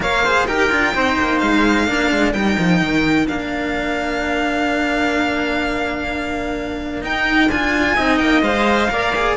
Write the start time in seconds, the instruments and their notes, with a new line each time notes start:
0.00 cello A#3 A#4, trumpet C#5, violin F5
0.24 cello G#4, trumpet C5
0.46 cello D#4 G4, trumpet A#4, violin G5
0.70 cello D4 F4
0.94 cello C4 D#4, trumpet C5
1.19 cello A#3
1.38 cello G#3, violin F5
1.86 cello A#3 D4, trumpet A#4
2.11 cello G#3
2.33 cello G3 D#4, violin G5
2.58 cello F3
2.80 cello D#3
3.27 cello A#3 D4, violin F5
7.01 cello D#4, violin G5
7.48 cello D4 F4, violin G#5
7.95 cello C4 D#4, trumpet D#5
8.18 cello A#3, violin G5
8.42 cello G#3 C5, violin F5
8.89 cello A#3 A#4, trumpet D5
9.15 cello G#4